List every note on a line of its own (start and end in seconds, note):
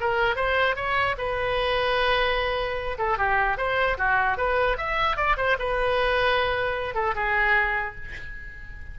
0.00 0.36 A#4
0.36 0.75 C5
0.75 1.15 C#5
1.17 2.97 B4
2.98 3.18 A4
3.18 3.57 G4
3.57 3.97 C5
3.97 4.37 F#4
4.37 4.77 B4
4.77 5.16 E5
5.16 5.36 D5
5.37 5.57 C5
5.59 6.94 B4
6.94 7.14 A4
7.15 7.95 G#4